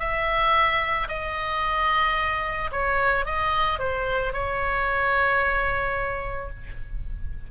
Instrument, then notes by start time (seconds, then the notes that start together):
oboe
0.00 E5
1.09 D#5
2.72 C#5
3.26 D#5
3.79 C5
4.33 C#5